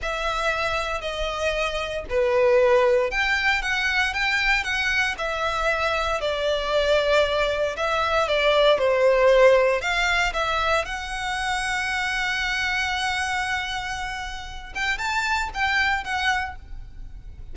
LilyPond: \new Staff \with { instrumentName = "violin" } { \time 4/4 \tempo 4 = 116 e''2 dis''2 | b'2 g''4 fis''4 | g''4 fis''4 e''2 | d''2. e''4 |
d''4 c''2 f''4 | e''4 fis''2.~ | fis''1~ | fis''8 g''8 a''4 g''4 fis''4 | }